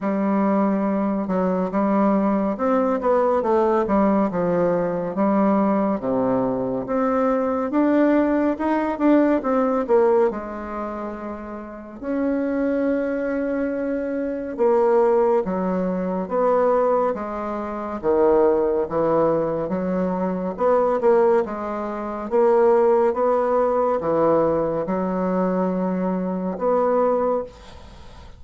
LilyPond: \new Staff \with { instrumentName = "bassoon" } { \time 4/4 \tempo 4 = 70 g4. fis8 g4 c'8 b8 | a8 g8 f4 g4 c4 | c'4 d'4 dis'8 d'8 c'8 ais8 | gis2 cis'2~ |
cis'4 ais4 fis4 b4 | gis4 dis4 e4 fis4 | b8 ais8 gis4 ais4 b4 | e4 fis2 b4 | }